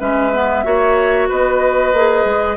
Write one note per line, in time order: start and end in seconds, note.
0.00 0.65 G#3
0.00 0.32 C#4
0.00 0.65 B4
0.00 1.29 E5
0.33 0.65 B3
0.65 1.30 A#3
0.65 1.94 F#4
0.65 1.29 C#5
1.29 1.93 B3
1.29 2.57 B4
1.29 2.57 D#5
1.93 2.25 A#3
1.93 2.57 G#4
2.25 2.57 G#3